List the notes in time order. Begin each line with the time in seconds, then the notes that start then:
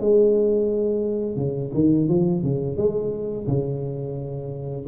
0.00 G#3
1.36 C#3
1.74 D#3
2.08 F3
2.43 C#3
2.77 G#3
3.47 C#3